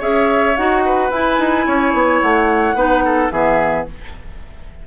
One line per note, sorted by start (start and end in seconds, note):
0.00 0.57 C#4
0.00 0.55 G#4
0.00 0.83 C#5
0.00 0.57 E5
0.57 1.11 D#4
0.57 1.12 F#4
0.57 1.12 F#5
0.86 1.67 B4
1.11 1.39 E4
1.11 2.77 E4
1.11 2.22 G#5
1.39 1.67 D#4
1.67 1.94 C#4
1.67 2.76 C#5
1.94 2.21 B3
2.22 2.75 A3
2.22 3.31 F#5
2.75 3.30 B3
2.75 3.32 D#4
2.75 3.04 B4
3.05 3.32 A4
3.31 3.86 E3
3.31 3.87 B3
3.31 3.87 G#4
3.31 3.86 E5